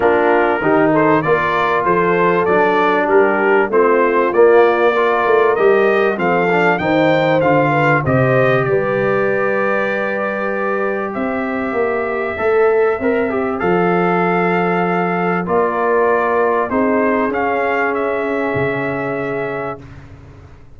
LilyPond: <<
  \new Staff \with { instrumentName = "trumpet" } { \time 4/4 \tempo 4 = 97 ais'4. c''8 d''4 c''4 | d''4 ais'4 c''4 d''4~ | d''4 dis''4 f''4 g''4 | f''4 dis''4 d''2~ |
d''2 e''2~ | e''2 f''2~ | f''4 d''2 c''4 | f''4 e''2. | }
  \new Staff \with { instrumentName = "horn" } { \time 4/4 f'4 g'8 a'8 ais'4 a'4~ | a'4 g'4 f'2 | ais'2 a'4 c''4~ | c''8 b'8 c''4 b'2~ |
b'2 c''2~ | c''1~ | c''4 ais'2 gis'4~ | gis'1 | }
  \new Staff \with { instrumentName = "trombone" } { \time 4/4 d'4 dis'4 f'2 | d'2 c'4 ais4 | f'4 g'4 c'8 d'8 dis'4 | f'4 g'2.~ |
g'1 | a'4 ais'8 g'8 a'2~ | a'4 f'2 dis'4 | cis'1 | }
  \new Staff \with { instrumentName = "tuba" } { \time 4/4 ais4 dis4 ais4 f4 | fis4 g4 a4 ais4~ | ais8 a8 g4 f4 dis4 | d4 c4 g2~ |
g2 c'4 ais4 | a4 c'4 f2~ | f4 ais2 c'4 | cis'2 cis2 | }
>>